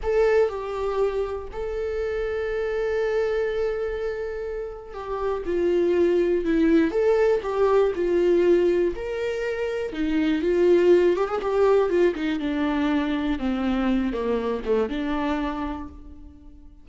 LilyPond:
\new Staff \with { instrumentName = "viola" } { \time 4/4 \tempo 4 = 121 a'4 g'2 a'4~ | a'1~ | a'2 g'4 f'4~ | f'4 e'4 a'4 g'4 |
f'2 ais'2 | dis'4 f'4. g'16 gis'16 g'4 | f'8 dis'8 d'2 c'4~ | c'8 ais4 a8 d'2 | }